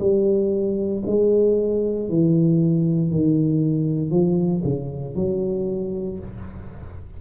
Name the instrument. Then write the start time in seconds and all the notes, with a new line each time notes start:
tuba
0.00 G3
1.07 G#3
2.10 E3
3.11 D#3
4.11 F3
4.65 C#3
5.16 F#3